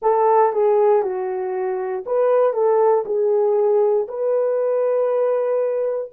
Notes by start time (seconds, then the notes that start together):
0.02 A4
0.52 G#4
1.02 F#4
2.06 B4
2.53 A4
3.05 G#4
4.08 B4